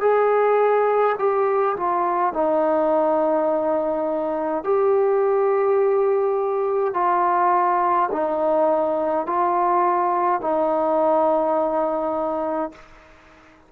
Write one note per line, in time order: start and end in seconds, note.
0.00 1.15 G#4
1.18 1.76 G4
1.76 2.33 F4
2.33 4.64 D#4
4.64 6.93 G4
6.93 8.09 F4
8.11 9.26 D#4
9.26 10.41 F4
10.41 12.71 D#4